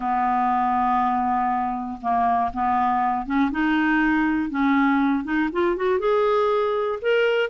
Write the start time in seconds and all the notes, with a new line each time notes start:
0.00 B3
2.01 A#3
2.53 B3
3.25 C#4
3.51 D#4
4.50 C#4
5.24 D#4
5.52 F4
5.76 F#4
5.99 G#4
7.01 A#4